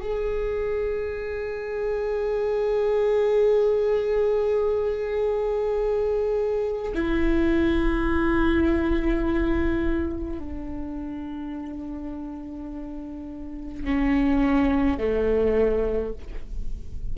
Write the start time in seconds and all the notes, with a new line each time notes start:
0.00 G#4
6.94 E4
10.39 D4
13.84 C#4
14.97 A3